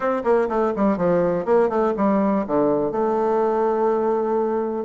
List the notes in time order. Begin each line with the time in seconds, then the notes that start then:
0.00 C4
0.24 A#3
0.49 A3
0.76 G3
0.97 F3
1.45 A#3
1.69 A3
1.96 G3
2.46 D3
2.91 A3